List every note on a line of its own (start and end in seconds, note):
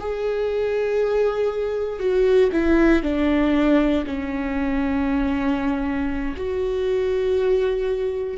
0.00 2.00 G#4
2.00 2.51 F#4
2.52 3.03 E4
3.03 4.05 D4
4.07 6.36 C#4
6.37 8.38 F#4